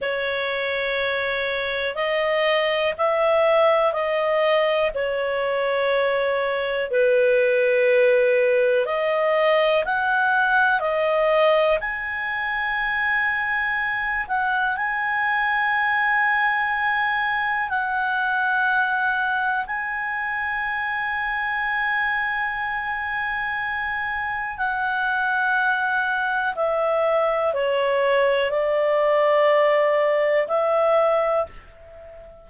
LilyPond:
\new Staff \with { instrumentName = "clarinet" } { \time 4/4 \tempo 4 = 61 cis''2 dis''4 e''4 | dis''4 cis''2 b'4~ | b'4 dis''4 fis''4 dis''4 | gis''2~ gis''8 fis''8 gis''4~ |
gis''2 fis''2 | gis''1~ | gis''4 fis''2 e''4 | cis''4 d''2 e''4 | }